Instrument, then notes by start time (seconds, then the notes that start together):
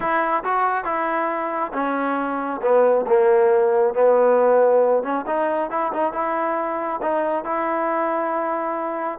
trombone
0.00 E4
0.44 F#4
0.84 E4
1.73 C#4
2.61 B3
3.06 A#3
3.94 B3
5.03 C#4
5.27 D#4
5.70 E4
5.92 D#4
6.12 E4
7.02 D#4
7.44 E4